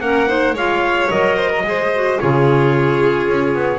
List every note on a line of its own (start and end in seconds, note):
0.00 0.53 A#3
0.00 0.27 C#4
0.00 0.28 A#4
0.00 0.55 F#5
0.27 0.54 D#4
0.27 0.54 C5
0.53 1.08 G#3
0.53 1.10 F4
0.53 1.36 C#5
0.53 1.10 F5
1.10 1.63 F#3
1.10 1.64 A#4
1.10 2.19 D#5
1.36 1.50 C5
1.50 1.63 A#4
1.63 2.17 G#3
1.63 1.91 G#4
1.63 2.20 C5
1.94 2.19 F#4
2.19 3.29 C#3
2.19 3.79 F4
2.19 3.79 G#4
2.19 3.79 C#5
3.29 3.55 C#4
3.55 3.79 B3